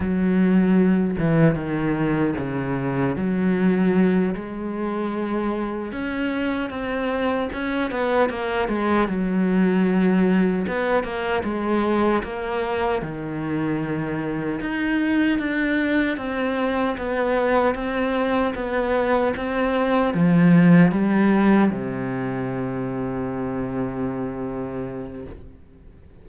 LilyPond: \new Staff \with { instrumentName = "cello" } { \time 4/4 \tempo 4 = 76 fis4. e8 dis4 cis4 | fis4. gis2 cis'8~ | cis'8 c'4 cis'8 b8 ais8 gis8 fis8~ | fis4. b8 ais8 gis4 ais8~ |
ais8 dis2 dis'4 d'8~ | d'8 c'4 b4 c'4 b8~ | b8 c'4 f4 g4 c8~ | c1 | }